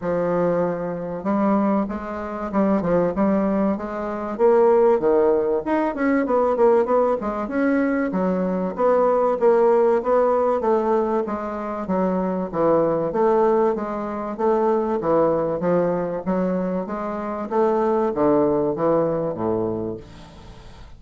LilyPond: \new Staff \with { instrumentName = "bassoon" } { \time 4/4 \tempo 4 = 96 f2 g4 gis4 | g8 f8 g4 gis4 ais4 | dis4 dis'8 cis'8 b8 ais8 b8 gis8 | cis'4 fis4 b4 ais4 |
b4 a4 gis4 fis4 | e4 a4 gis4 a4 | e4 f4 fis4 gis4 | a4 d4 e4 a,4 | }